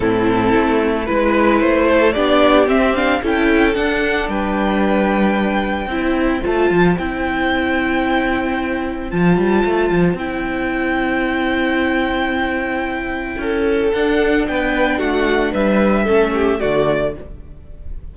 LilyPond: <<
  \new Staff \with { instrumentName = "violin" } { \time 4/4 \tempo 4 = 112 a'2 b'4 c''4 | d''4 e''8 f''8 g''4 fis''4 | g''1 | a''4 g''2.~ |
g''4 a''2 g''4~ | g''1~ | g''2 fis''4 g''4 | fis''4 e''2 d''4 | }
  \new Staff \with { instrumentName = "violin" } { \time 4/4 e'2 b'4. a'8 | g'2 a'2 | b'2. c''4~ | c''1~ |
c''1~ | c''1~ | c''4 a'2 b'4 | fis'4 b'4 a'8 g'8 fis'4 | }
  \new Staff \with { instrumentName = "viola" } { \time 4/4 c'2 e'2 | d'4 c'8 d'8 e'4 d'4~ | d'2. e'4 | f'4 e'2.~ |
e'4 f'2 e'4~ | e'1~ | e'2 d'2~ | d'2 cis'4 a4 | }
  \new Staff \with { instrumentName = "cello" } { \time 4/4 a,4 a4 gis4 a4 | b4 c'4 cis'4 d'4 | g2. c'4 | a8 f8 c'2.~ |
c'4 f8 g8 a8 f8 c'4~ | c'1~ | c'4 cis'4 d'4 b4 | a4 g4 a4 d4 | }
>>